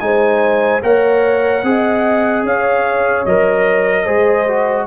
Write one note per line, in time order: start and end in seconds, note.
0.00 0.83 G#3
0.00 0.82 D#4
0.00 0.84 C5
0.00 0.81 G#5
0.82 1.64 A#3
0.82 1.63 A#4
0.82 1.65 C#5
0.82 2.46 F#5
1.64 2.44 C4
1.64 3.27 G#4
1.64 2.46 D#5
2.44 3.25 C#4
2.44 4.05 C#5
2.44 3.26 F5
3.26 4.07 F#3
3.26 4.06 A#4
3.26 4.88 D#5
4.05 4.88 G#3
4.05 4.47 G#4
4.05 4.86 C5
4.48 4.88 F#4